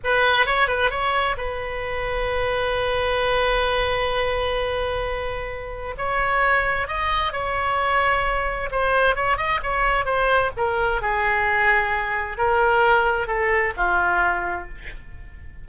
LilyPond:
\new Staff \with { instrumentName = "oboe" } { \time 4/4 \tempo 4 = 131 b'4 cis''8 b'8 cis''4 b'4~ | b'1~ | b'1~ | b'4 cis''2 dis''4 |
cis''2. c''4 | cis''8 dis''8 cis''4 c''4 ais'4 | gis'2. ais'4~ | ais'4 a'4 f'2 | }